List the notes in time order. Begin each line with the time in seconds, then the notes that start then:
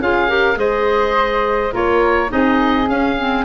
0.00 C#4 F4 G#4 F5
0.28 G4 A#4
0.56 G#3 G#4 C5 D#5
1.72 A#3 F4 A#4 C#5
2.29 C4 D#4 G#4 D#5
2.89 C#4 F5
3.19 C4